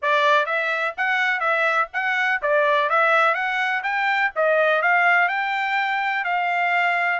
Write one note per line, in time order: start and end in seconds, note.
0.02 0.46 D5
0.46 0.94 E5
0.97 1.39 F#5
1.39 1.87 E5
1.93 2.41 F#5
2.42 2.89 D5
2.89 3.34 E5
3.34 3.82 F#5
3.83 4.31 G5
4.35 4.82 D#5
4.82 5.28 F5
5.28 6.24 G5
6.24 7.19 F5